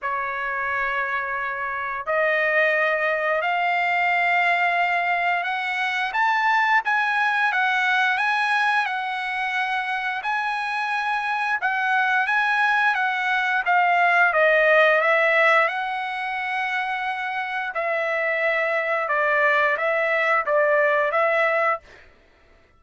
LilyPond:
\new Staff \with { instrumentName = "trumpet" } { \time 4/4 \tempo 4 = 88 cis''2. dis''4~ | dis''4 f''2. | fis''4 a''4 gis''4 fis''4 | gis''4 fis''2 gis''4~ |
gis''4 fis''4 gis''4 fis''4 | f''4 dis''4 e''4 fis''4~ | fis''2 e''2 | d''4 e''4 d''4 e''4 | }